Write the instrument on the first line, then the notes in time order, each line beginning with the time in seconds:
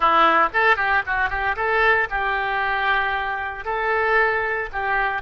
oboe
0.00 E4
0.53 A4
0.76 G4
1.06 F#4
1.29 G4
1.55 A4
2.10 G4
3.64 A4
4.72 G4